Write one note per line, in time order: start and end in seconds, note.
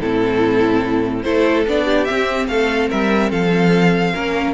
0.00 1.24 A2
0.00 1.24 C4
0.00 1.23 E4
0.00 1.22 A4
1.22 1.66 A3
1.22 1.65 E4
1.22 1.85 A4
1.22 1.64 C5
1.67 2.09 B3
1.67 2.07 D4
1.67 2.04 D5
1.85 2.47 G4
2.04 4.13 C4
2.04 2.47 C4
2.04 2.46 E5
2.47 2.89 A3
2.47 2.89 A4
2.47 2.89 F5
2.89 3.31 G3
2.89 3.30 A#4
2.89 3.31 E5
3.30 4.13 F3
3.30 4.13 A4
3.30 4.54 F5
4.13 4.54 A#3
4.13 4.54 C#4
4.13 4.54 A#4